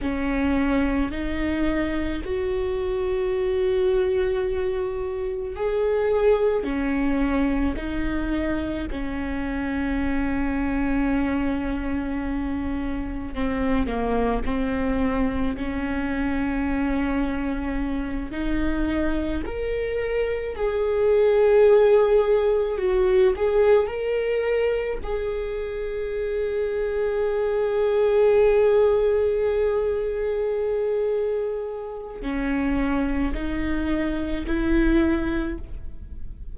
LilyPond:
\new Staff \with { instrumentName = "viola" } { \time 4/4 \tempo 4 = 54 cis'4 dis'4 fis'2~ | fis'4 gis'4 cis'4 dis'4 | cis'1 | c'8 ais8 c'4 cis'2~ |
cis'8 dis'4 ais'4 gis'4.~ | gis'8 fis'8 gis'8 ais'4 gis'4.~ | gis'1~ | gis'4 cis'4 dis'4 e'4 | }